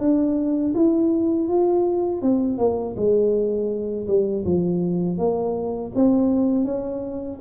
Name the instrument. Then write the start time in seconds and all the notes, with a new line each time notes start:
tuba
0.00 D4
0.75 E4
1.49 F4
2.22 C4
2.58 A#3
2.97 G#3
4.08 G3
4.45 F3
5.18 A#3
5.95 C4
6.65 C#4